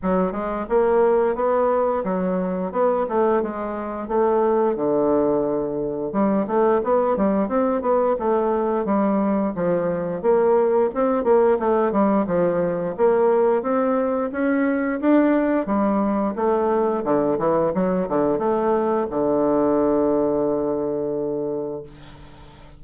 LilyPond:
\new Staff \with { instrumentName = "bassoon" } { \time 4/4 \tempo 4 = 88 fis8 gis8 ais4 b4 fis4 | b8 a8 gis4 a4 d4~ | d4 g8 a8 b8 g8 c'8 b8 | a4 g4 f4 ais4 |
c'8 ais8 a8 g8 f4 ais4 | c'4 cis'4 d'4 g4 | a4 d8 e8 fis8 d8 a4 | d1 | }